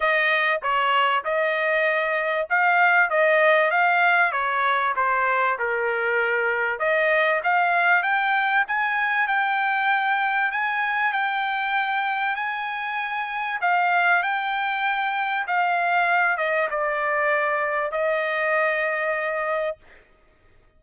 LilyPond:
\new Staff \with { instrumentName = "trumpet" } { \time 4/4 \tempo 4 = 97 dis''4 cis''4 dis''2 | f''4 dis''4 f''4 cis''4 | c''4 ais'2 dis''4 | f''4 g''4 gis''4 g''4~ |
g''4 gis''4 g''2 | gis''2 f''4 g''4~ | g''4 f''4. dis''8 d''4~ | d''4 dis''2. | }